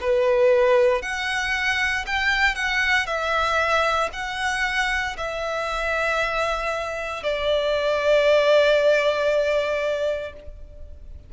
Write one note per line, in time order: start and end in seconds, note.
0.00 1.02 B4
1.02 2.05 F#5
2.06 2.55 G5
2.55 3.06 F#5
3.06 4.10 E5
4.13 5.16 F#5
5.17 7.23 E5
7.23 10.33 D5